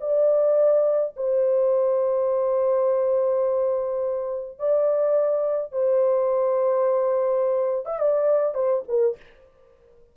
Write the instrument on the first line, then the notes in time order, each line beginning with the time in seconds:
horn
0.00 D5
1.16 C5
4.59 D5
5.72 C5
7.85 E5
7.99 D5
8.54 C5
8.88 A#4